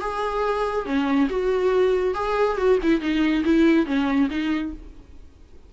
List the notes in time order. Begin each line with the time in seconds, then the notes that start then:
0.00 G#4
0.85 C#4
1.29 F#4
2.14 G#4
2.57 F#4
2.82 E4
3.00 D#4
3.44 E4
3.86 C#4
4.30 D#4